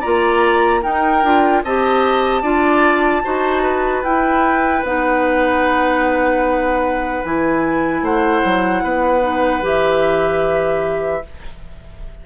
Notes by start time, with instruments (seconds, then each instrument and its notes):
0.00 bassoon A#3, clarinet F4, oboe D5, flute A#5
0.82 clarinet D#4, bassoon D#4, oboe A#4, flute G5
1.23 bassoon D4, clarinet F4
1.64 bassoon C4, clarinet G4, oboe D#5, flute A5
2.42 bassoon D4, clarinet F4, oboe D5
3.23 bassoon D#4, clarinet F#4, oboe C5
3.62 oboe B4
4.03 bassoon E4, clarinet E4, flute G5
4.83 bassoon B3, clarinet D#4, flute F#5
7.24 bassoon E3, clarinet E4, flute G#5
8.02 bassoon A3, oboe C5, flute F#5
8.44 bassoon F#3
8.83 bassoon B3, oboe B4
9.21 clarinet D#4
9.62 bassoon E3, clarinet G4, flute E5